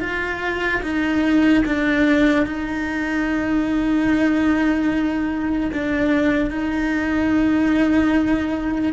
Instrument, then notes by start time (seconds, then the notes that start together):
cello
0.00 F4
0.82 D#4
1.65 D4
2.45 D#4
5.72 D4
6.50 D#4